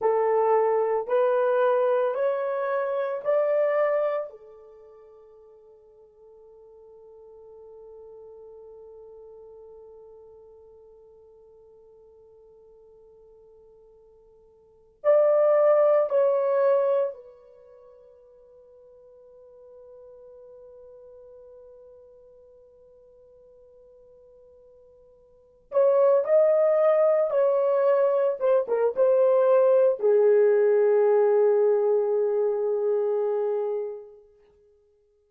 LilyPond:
\new Staff \with { instrumentName = "horn" } { \time 4/4 \tempo 4 = 56 a'4 b'4 cis''4 d''4 | a'1~ | a'1~ | a'2 d''4 cis''4 |
b'1~ | b'1 | cis''8 dis''4 cis''4 c''16 ais'16 c''4 | gis'1 | }